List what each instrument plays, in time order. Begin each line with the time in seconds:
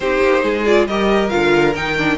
0.00 cello C4, viola D#4, violin G4 C5
0.22 cello A#3
0.43 cello G#3, violin G#4
0.65 viola F4, violin D5
0.86 cello G3, viola G4, violin A#4 D#5
1.29 cello D3, viola F4, violin F5
1.75 cello D#3, viola D#4, violin G5
1.97 viola D4